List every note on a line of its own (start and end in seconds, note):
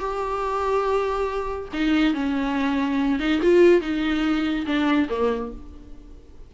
0.00 1.69 G4
1.73 2.14 D#4
2.14 3.20 C#4
3.20 3.41 D#4
3.42 3.81 F4
3.81 4.66 D#4
4.67 5.09 D4
5.10 5.52 A#3